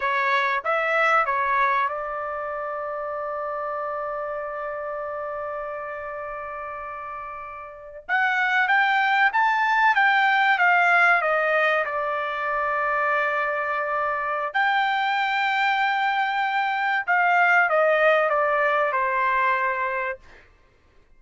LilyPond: \new Staff \with { instrumentName = "trumpet" } { \time 4/4 \tempo 4 = 95 cis''4 e''4 cis''4 d''4~ | d''1~ | d''1~ | d''8. fis''4 g''4 a''4 g''16~ |
g''8. f''4 dis''4 d''4~ d''16~ | d''2. g''4~ | g''2. f''4 | dis''4 d''4 c''2 | }